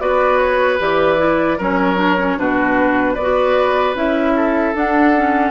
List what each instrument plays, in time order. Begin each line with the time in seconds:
0.00 bassoon B3, clarinet F#4, oboe B4, flute D5
0.38 flute C#5
0.79 bassoon E3, clarinet G4, flute D5
1.18 clarinet E4
1.58 bassoon F#3, clarinet C#4, oboe A#4, flute C#5
1.97 clarinet D4
2.18 clarinet C#4
2.38 bassoon B2, clarinet D4, oboe F#4, flute B4
3.14 bassoon B3, oboe B4, flute D5
3.22 clarinet F#4
3.95 bassoon C#4, clarinet E4, flute E5
4.36 oboe A4
4.75 clarinet D4, bassoon D4, flute F#5
5.16 clarinet C#4